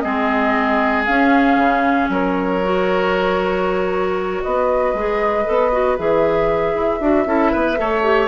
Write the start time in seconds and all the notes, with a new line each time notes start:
0.00 G#3 C4 G#4 D#5
1.06 C#4 F5
1.57 C#3
2.09 F#3 A#4 C#5
2.64 F#4
4.42 B3 B4 D#5
4.94 G#3 G#4
5.45 B3 A4
5.72 F#4
5.98 E3 G#4 E5
6.75 E4
7.01 D4 F#4
7.26 C#4 E4 A4
7.52 B3 B4
7.76 A3 A4 C#5
8.03 G4